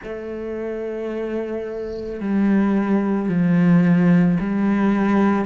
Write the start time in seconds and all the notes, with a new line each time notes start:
0.03 A3
2.20 G3
3.28 F3
4.40 G3